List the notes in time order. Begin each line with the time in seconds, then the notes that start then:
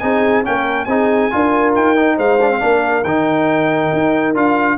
0.00 C4 D#4 G#4 G#5
0.44 A#3 C#4 A#4 G5
0.85 C4 D#4 G#4 G#5
1.31 D4 F4 A#4
1.75 D#4 G5
1.96 D#4
2.16 G#3 C5 F5
2.41 D4
2.51 C4
2.60 A#3 D4 A#4
3.04 D#3 D#4 G5
3.93 D#4
4.35 D4 F4 F5